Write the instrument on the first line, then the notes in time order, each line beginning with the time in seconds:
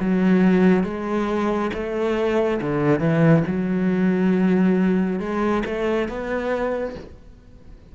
cello
0.00 F#3
0.84 G#3
1.74 A3
2.61 D3
2.99 E3
3.47 F#3
5.19 G#3
5.66 A3
6.08 B3